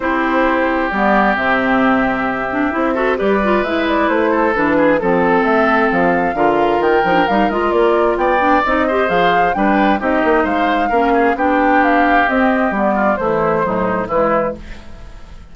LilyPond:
<<
  \new Staff \with { instrumentName = "flute" } { \time 4/4 \tempo 4 = 132 c''2 d''4 e''4~ | e''2. d''4 | e''8 d''8 c''4 b'4 a'4 | e''4 f''2 g''4 |
f''8 dis''8 d''4 g''4 dis''4 | f''4 g''4 dis''4 f''4~ | f''4 g''4 f''4 dis''4 | d''4 c''2 b'4 | }
  \new Staff \with { instrumentName = "oboe" } { \time 4/4 g'1~ | g'2~ g'8 a'8 b'4~ | b'4. a'4 gis'8 a'4~ | a'2 ais'2~ |
ais'2 d''4. c''8~ | c''4 b'4 g'4 c''4 | ais'8 gis'8 g'2.~ | g'8 f'8 e'4 dis'4 e'4 | }
  \new Staff \with { instrumentName = "clarinet" } { \time 4/4 e'2 b4 c'4~ | c'4. d'8 e'8 fis'8 g'8 f'8 | e'2 d'4 c'4~ | c'2 f'4. dis'16 d'16 |
dis'8 f'2 d'8 dis'8 g'8 | gis'4 d'4 dis'2 | cis'4 d'2 c'4 | b4 e4 fis4 gis4 | }
  \new Staff \with { instrumentName = "bassoon" } { \time 4/4 c'2 g4 c4~ | c2 c'4 g4 | gis4 a4 e4 f4 | a4 f4 d4 dis8 f8 |
g8 gis8 ais4 b4 c'4 | f4 g4 c'8 ais8 gis4 | ais4 b2 c'4 | g4 a4 a,4 e4 | }
>>